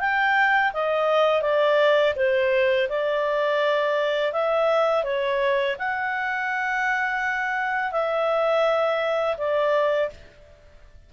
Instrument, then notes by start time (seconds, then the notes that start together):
clarinet
0.00 G5
0.74 D#5
1.42 D5
2.16 C5
2.89 D5
4.33 E5
5.04 C#5
5.79 F#5
7.92 E5
9.38 D5